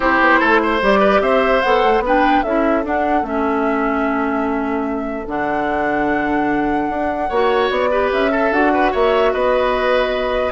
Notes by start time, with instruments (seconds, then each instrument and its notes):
0.00 bassoon C4, clarinet E4, oboe G4, flute C5
0.20 bassoon B3
0.40 bassoon A3, oboe A4
0.62 oboe C5
0.81 bassoon G3, clarinet G4, flute D5
0.99 oboe B4
1.21 bassoon C4, oboe C5, flute E5
1.62 bassoon B3, clarinet A4, flute F#5
1.84 bassoon A3
1.99 bassoon B3, clarinet D4, oboe B4
2.07 flute G5
2.42 bassoon C#4, clarinet E4, oboe A4, flute E5
2.83 clarinet D4, bassoon D4, flute F#5
3.22 bassoon A3, clarinet C#4, flute E5
5.26 bassoon D3, clarinet D4, flute F#5
6.88 bassoon D4
7.29 bassoon A#3, clarinet F#4, oboe C#5
7.70 bassoon B3, flute D5
7.90 clarinet G4, oboe B4
8.12 bassoon C#4, flute E5
8.31 clarinet A4, oboe A4
8.51 bassoon D4, clarinet F#4, flute F#5
8.73 oboe B4
8.91 bassoon A#3, oboe C#5, flute E5
9.32 bassoon B3, oboe B4, flute D#5